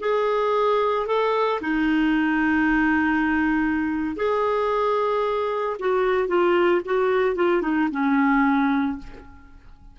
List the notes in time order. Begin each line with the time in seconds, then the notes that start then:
0.00 G#4
1.07 A4
1.61 D#4
4.16 G#4
5.79 F#4
6.28 F4
6.85 F#4
7.35 F4
7.62 D#4
7.91 C#4